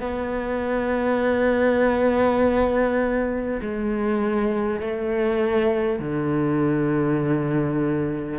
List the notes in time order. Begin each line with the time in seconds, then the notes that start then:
0.00 B3
3.61 G#3
4.80 A3
5.99 D3